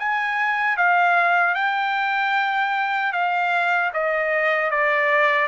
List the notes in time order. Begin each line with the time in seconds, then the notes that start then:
0.00 G#5
0.78 F5
1.55 G5
3.13 F5
3.94 D#5
4.71 D5